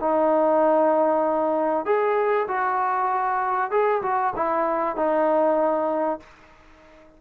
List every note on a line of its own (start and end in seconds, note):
0.00 1.86 D#4
1.86 2.47 G#4
2.48 3.71 F#4
3.71 4.02 G#4
4.03 4.34 F#4
4.36 4.97 E4
4.97 6.20 D#4